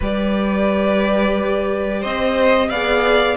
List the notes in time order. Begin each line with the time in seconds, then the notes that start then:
0.00 G3 G4 B4 D5
2.01 C4 C5 D#5
2.69 B3 G#4 D5 F5